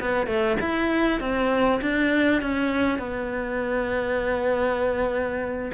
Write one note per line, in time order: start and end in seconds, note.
0.00 0.26 B3
0.26 0.56 A3
0.60 1.20 E4
1.20 1.80 C4
1.82 2.42 D4
2.42 2.99 C#4
2.99 5.71 B3